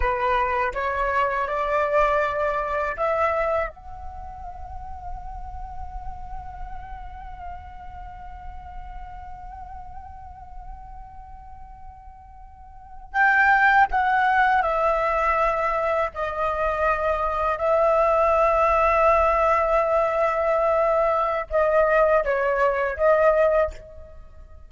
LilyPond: \new Staff \with { instrumentName = "flute" } { \time 4/4 \tempo 4 = 81 b'4 cis''4 d''2 | e''4 fis''2.~ | fis''1~ | fis''1~ |
fis''4.~ fis''16 g''4 fis''4 e''16~ | e''4.~ e''16 dis''2 e''16~ | e''1~ | e''4 dis''4 cis''4 dis''4 | }